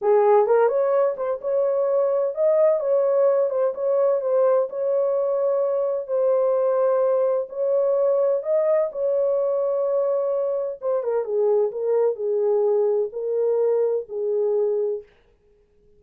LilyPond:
\new Staff \with { instrumentName = "horn" } { \time 4/4 \tempo 4 = 128 gis'4 ais'8 cis''4 c''8 cis''4~ | cis''4 dis''4 cis''4. c''8 | cis''4 c''4 cis''2~ | cis''4 c''2. |
cis''2 dis''4 cis''4~ | cis''2. c''8 ais'8 | gis'4 ais'4 gis'2 | ais'2 gis'2 | }